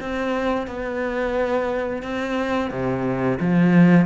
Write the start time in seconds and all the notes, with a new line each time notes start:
0.00 C4
0.67 B3
2.02 C4
2.70 C3
3.40 F3